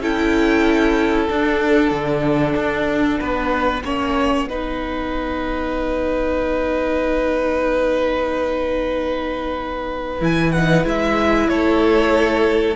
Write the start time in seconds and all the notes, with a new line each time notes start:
0.00 C#4 E4 A4 G5
1.28 D4 F#5
1.91 D3
2.56 D4
3.19 B3 B4
3.83 A#3 C#4 C#5
4.47 B3 D#4 B4
10.20 E3 E4 G#5
10.52 D#4 F#5
10.84 G#3 E4 E5
11.48 A3 A4 C#5